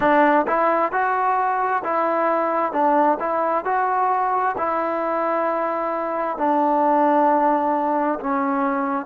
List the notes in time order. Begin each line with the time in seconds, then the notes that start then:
0.00 D4
0.47 E4
0.91 F#4
1.84 E4
2.72 D4
3.19 E4
3.64 F#4
4.57 E4
6.37 D4
8.19 C#4